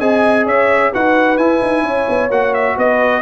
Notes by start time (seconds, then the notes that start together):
0.00 C4 G#4 D#5 G#5
0.46 C#4 C#5 E5
0.92 D#4 F#4 B4 F#5
1.38 E4 G#5
1.61 D#4
1.83 C#4 C#5
2.09 B3
2.29 A#3 F#4 F#5
2.54 E5
2.77 B3 B4 D#5